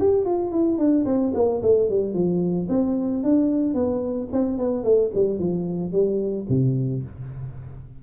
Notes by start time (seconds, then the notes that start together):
0.00 G4
0.26 F4
0.52 E4
0.78 D4
1.06 C4
1.35 A#3
1.63 A3
1.90 G3
2.14 F3
2.70 C4
3.24 D4
3.74 B3
4.33 C4
4.58 B3
4.84 A3
5.15 G3
5.39 F3
5.93 G3
6.49 C3